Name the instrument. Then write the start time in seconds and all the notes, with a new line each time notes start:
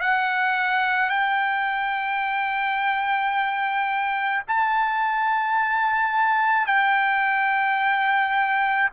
trumpet
0.00 F#5
1.09 G5
4.47 A5
6.66 G5